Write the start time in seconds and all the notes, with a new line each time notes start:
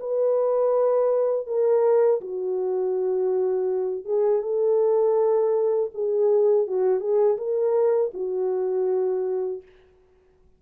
0.00 B4
1.47 A#4
2.21 F#4
4.05 G#4
4.42 A4
5.95 G#4
6.67 F#4
7.00 G#4
7.38 A#4
8.14 F#4